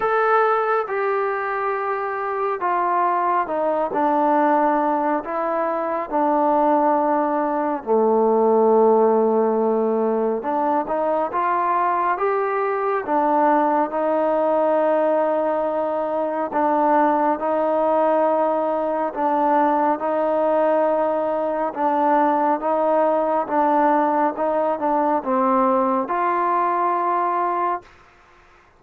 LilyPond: \new Staff \with { instrumentName = "trombone" } { \time 4/4 \tempo 4 = 69 a'4 g'2 f'4 | dis'8 d'4. e'4 d'4~ | d'4 a2. | d'8 dis'8 f'4 g'4 d'4 |
dis'2. d'4 | dis'2 d'4 dis'4~ | dis'4 d'4 dis'4 d'4 | dis'8 d'8 c'4 f'2 | }